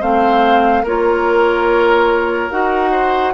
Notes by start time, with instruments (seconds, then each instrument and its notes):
0.00 bassoon A3, clarinet C4, oboe C5, flute F5
0.84 bassoon A#3, clarinet F4, oboe A#4, flute C#5
2.51 bassoon D#4, clarinet F#4, flute F#5
2.91 oboe C5